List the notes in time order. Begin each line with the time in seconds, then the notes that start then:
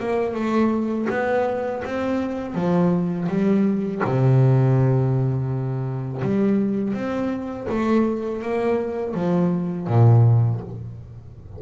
0.00 A#3
0.35 A3
1.10 B3
1.85 C4
2.55 F3
3.29 G3
4.05 C3
6.22 G3
6.94 C4
7.70 A3
8.42 A#3
9.15 F3
9.88 A#2